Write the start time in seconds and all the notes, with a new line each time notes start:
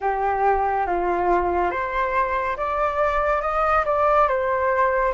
0.00 G4
0.86 F4
1.70 C5
2.56 D5
3.41 D#5
3.85 D5
4.28 C5